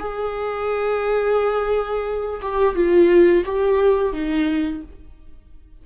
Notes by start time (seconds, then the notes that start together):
0.00 G#4
2.42 G4
2.76 F4
3.45 G4
4.13 D#4